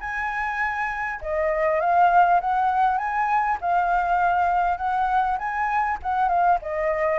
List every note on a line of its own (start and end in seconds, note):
0.00 1.20 G#5
1.21 1.80 D#5
1.80 2.40 F5
2.41 2.98 F#5
2.98 3.58 G#5
3.61 4.77 F5
4.77 5.37 F#5
5.38 5.98 G#5
6.02 6.28 F#5
6.28 6.58 F5
6.62 7.19 D#5